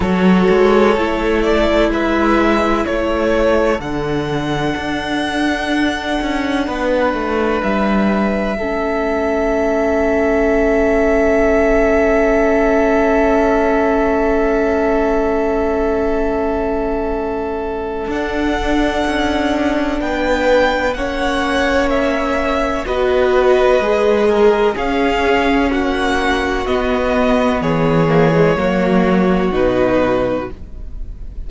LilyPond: <<
  \new Staff \with { instrumentName = "violin" } { \time 4/4 \tempo 4 = 63 cis''4. d''8 e''4 cis''4 | fis''1 | e''1~ | e''1~ |
e''2. fis''4~ | fis''4 g''4 fis''4 e''4 | dis''2 f''4 fis''4 | dis''4 cis''2 b'4 | }
  \new Staff \with { instrumentName = "violin" } { \time 4/4 a'2 b'4 a'4~ | a'2. b'4~ | b'4 a'2.~ | a'1~ |
a'1~ | a'4 b'4 cis''2 | b'4. ais'8 gis'4 fis'4~ | fis'4 gis'4 fis'2 | }
  \new Staff \with { instrumentName = "viola" } { \time 4/4 fis'4 e'2. | d'1~ | d'4 cis'2.~ | cis'1~ |
cis'2. d'4~ | d'2 cis'2 | fis'4 gis'4 cis'2 | b4. ais16 gis16 ais4 dis'4 | }
  \new Staff \with { instrumentName = "cello" } { \time 4/4 fis8 gis8 a4 gis4 a4 | d4 d'4. cis'8 b8 a8 | g4 a2.~ | a1~ |
a2. d'4 | cis'4 b4 ais2 | b4 gis4 cis'4 ais4 | b4 e4 fis4 b,4 | }
>>